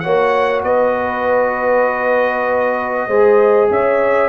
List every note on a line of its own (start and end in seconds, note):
0.00 0.64 A#3
0.00 3.10 F#4
0.00 0.64 C#5
0.00 0.61 F#5
0.64 3.08 B3
0.64 3.08 B4
0.64 3.70 D#5
3.08 3.69 G#3
3.08 4.30 G#4
3.08 3.69 C5
3.71 4.30 C#4
3.71 4.30 C#5
3.71 4.30 E5